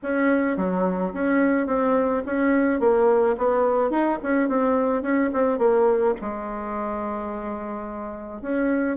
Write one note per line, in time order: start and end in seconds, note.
0.02 0.57 C#4
0.57 1.13 F#3
1.13 1.66 C#4
1.66 2.22 C4
2.26 2.79 C#4
2.79 3.35 A#3
3.37 3.90 B3
3.90 4.18 D#4
4.22 4.49 C#4
4.49 5.02 C4
5.02 5.30 C#4
5.33 5.58 C4
5.58 6.14 A#3
6.21 8.41 G#3
8.41 8.97 C#4